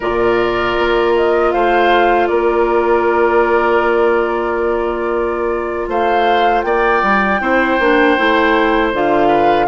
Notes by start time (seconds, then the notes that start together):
0.00 A#2 F4 A#4 D5
0.78 A#3
1.15 D#5
1.52 A3 C5 F5
2.27 A#3 A#4 D5
5.87 A3 C5 F5
6.61 A#3 D5 G5
7.03 G3
7.40 C4 E4 C5
7.79 A#3 D4
8.17 A3 E4
8.93 D3 F4 F5
9.27 B4